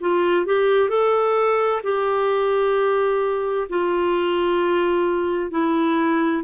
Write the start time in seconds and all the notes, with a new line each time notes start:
0.00 F4
0.46 G4
0.89 A4
1.83 G4
3.69 F4
5.50 E4